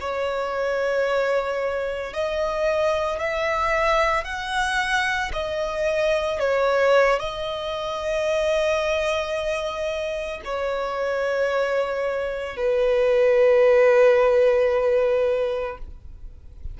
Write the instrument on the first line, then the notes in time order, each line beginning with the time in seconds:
violin
0.00 C#5
2.13 D#5
3.19 E5
4.24 F#5
5.33 D#5
6.39 C#5
7.19 D#5
10.45 C#5
12.56 B4